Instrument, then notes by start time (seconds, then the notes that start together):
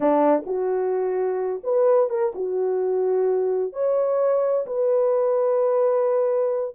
horn
0.00 D4
0.45 F#4
1.63 B4
2.09 A#4
2.34 F#4
3.72 C#5
4.66 B4